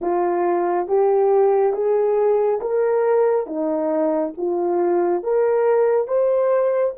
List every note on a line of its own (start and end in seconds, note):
0.01 0.87 F4
0.87 1.73 G4
1.73 2.60 G#4
2.60 3.46 A#4
3.46 4.33 D#4
4.37 5.23 F4
5.23 6.07 A#4
6.07 6.94 C5